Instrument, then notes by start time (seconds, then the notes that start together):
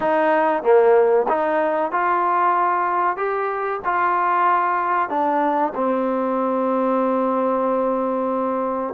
trombone
0.00 D#4
0.62 A#3
1.28 D#4
1.91 F4
3.16 G4
3.85 F4
5.09 D4
5.74 C4